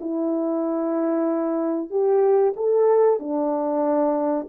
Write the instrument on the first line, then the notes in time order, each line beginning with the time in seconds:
horn
0.00 E4
1.90 G4
2.56 A4
3.19 D4